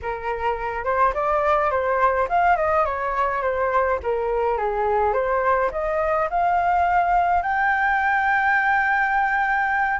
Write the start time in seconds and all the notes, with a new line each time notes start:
0.02 A#4
0.84 C5
1.14 D5
1.71 C5
2.29 F5
2.56 D#5
2.85 C#5
3.42 C5
4.03 A#4
4.57 G#4
5.13 C5
5.71 D#5
6.29 F5
7.42 G5